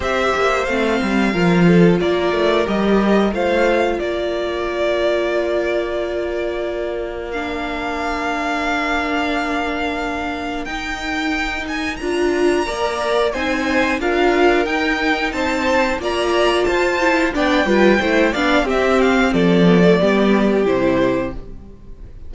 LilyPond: <<
  \new Staff \with { instrumentName = "violin" } { \time 4/4 \tempo 4 = 90 e''4 f''2 d''4 | dis''4 f''4 d''2~ | d''2. f''4~ | f''1 |
g''4. gis''8 ais''2 | gis''4 f''4 g''4 a''4 | ais''4 a''4 g''4. f''8 | e''8 f''8 d''2 c''4 | }
  \new Staff \with { instrumentName = "violin" } { \time 4/4 c''2 ais'8 a'8 ais'4~ | ais'4 c''4 ais'2~ | ais'1~ | ais'1~ |
ais'2. d''4 | c''4 ais'2 c''4 | d''4 c''4 d''8 b'8 c''8 d''8 | g'4 a'4 g'2 | }
  \new Staff \with { instrumentName = "viola" } { \time 4/4 g'4 c'4 f'2 | g'4 f'2.~ | f'2. d'4~ | d'1 |
dis'2 f'4 ais'4 | dis'4 f'4 dis'2 | f'4. e'8 d'8 f'8 e'8 d'8 | c'4. b16 a16 b4 e'4 | }
  \new Staff \with { instrumentName = "cello" } { \time 4/4 c'8 ais8 a8 g8 f4 ais8 a8 | g4 a4 ais2~ | ais1~ | ais1 |
dis'2 d'4 ais4 | c'4 d'4 dis'4 c'4 | ais4 f'4 b8 g8 a8 b8 | c'4 f4 g4 c4 | }
>>